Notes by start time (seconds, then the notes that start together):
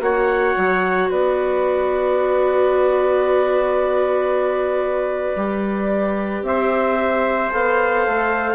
0.00 A#3 F#4 C#5 F#5
0.56 F#3
1.09 B3 B4 D5
5.35 G3 G4
6.42 C4 C5 E5
7.50 B3 A4 F5
8.06 A3